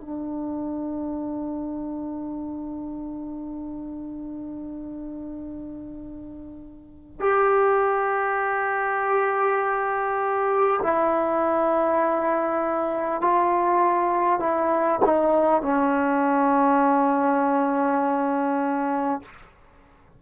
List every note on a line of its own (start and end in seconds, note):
0.00 7.20 D4
7.20 10.80 G4
10.82 13.21 E4
13.21 14.39 F4
14.39 14.99 E4
15.05 15.62 D#4
15.62 19.22 C#4